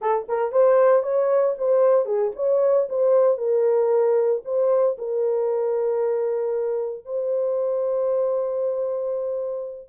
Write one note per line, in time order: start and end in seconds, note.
0.01 0.27 A4
0.28 0.52 A#4
0.52 1.02 C5
1.02 1.55 C#5
1.58 2.05 C5
2.05 2.31 G#4
2.35 2.87 C#5
2.89 3.37 C5
3.37 4.42 A#4
4.44 4.97 C5
4.98 7.05 A#4
7.05 9.88 C5